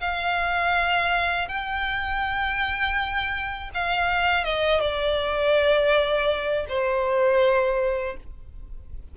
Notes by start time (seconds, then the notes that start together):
0.00 F5
1.48 G5
3.74 F5
4.44 D#5
4.80 D5
6.68 C5